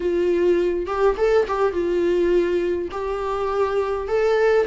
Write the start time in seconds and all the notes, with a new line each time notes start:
0.00 F4
0.86 G4
1.17 A4
1.47 G4
1.72 F4
2.91 G4
4.08 A4